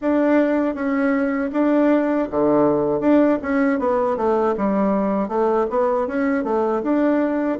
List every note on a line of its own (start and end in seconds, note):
0.01 0.74 D4
0.74 1.50 C#4
1.52 2.28 D4
2.30 3.00 D3
3.00 3.38 D4
3.42 3.79 C#4
3.79 4.16 B3
4.16 4.54 A3
4.57 5.28 G3
5.28 5.66 A3
5.70 6.07 B3
6.07 6.43 C#4
6.43 6.81 A3
6.82 7.58 D4